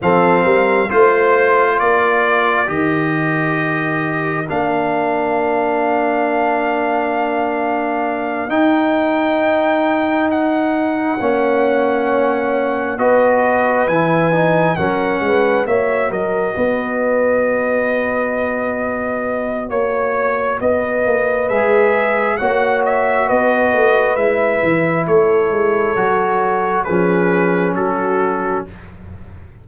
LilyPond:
<<
  \new Staff \with { instrumentName = "trumpet" } { \time 4/4 \tempo 4 = 67 f''4 c''4 d''4 dis''4~ | dis''4 f''2.~ | f''4. g''2 fis''8~ | fis''2~ fis''8 dis''4 gis''8~ |
gis''8 fis''4 e''8 dis''2~ | dis''2 cis''4 dis''4 | e''4 fis''8 e''8 dis''4 e''4 | cis''2 b'4 a'4 | }
  \new Staff \with { instrumentName = "horn" } { \time 4/4 a'8 ais'8 c''4 ais'2~ | ais'1~ | ais'1~ | ais'8 cis''2 b'4.~ |
b'8 ais'8 b'8 cis''8 ais'8 b'4.~ | b'2 cis''4 b'4~ | b'4 cis''4 b'2 | a'2 gis'4 fis'4 | }
  \new Staff \with { instrumentName = "trombone" } { \time 4/4 c'4 f'2 g'4~ | g'4 d'2.~ | d'4. dis'2~ dis'8~ | dis'8 cis'2 fis'4 e'8 |
dis'8 cis'4 fis'2~ fis'8~ | fis'1 | gis'4 fis'2 e'4~ | e'4 fis'4 cis'2 | }
  \new Staff \with { instrumentName = "tuba" } { \time 4/4 f8 g8 a4 ais4 dis4~ | dis4 ais2.~ | ais4. dis'2~ dis'8~ | dis'8 ais2 b4 e8~ |
e8 fis8 gis8 ais8 fis8 b4.~ | b2 ais4 b8 ais8 | gis4 ais4 b8 a8 gis8 e8 | a8 gis8 fis4 f4 fis4 | }
>>